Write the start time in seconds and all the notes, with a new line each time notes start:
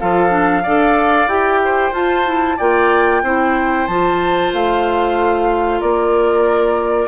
0.00 F3 F4 A4 F5
0.30 D4
0.63 D4 A4 D5
1.27 E4 G4 G5
1.65 C5
1.92 F4 A5
2.25 E4
2.57 A#3 F4 D5 G5
3.23 C4 E4 C5
3.87 F3 F4 A5
4.53 A3 F5
5.80 A#3 A#4 D5